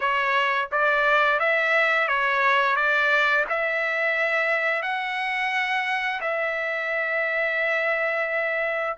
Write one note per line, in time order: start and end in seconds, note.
0.00 0.69 C#5
0.71 1.39 D5
1.39 2.08 E5
2.08 2.76 C#5
2.76 3.45 D5
3.49 4.82 E5
4.82 6.20 F#5
6.20 8.96 E5